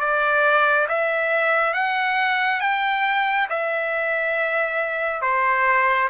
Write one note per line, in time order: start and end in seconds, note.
0.00 0.87 D5
0.88 1.74 E5
1.74 2.60 F#5
2.60 3.47 G5
3.49 5.22 E5
5.22 6.09 C5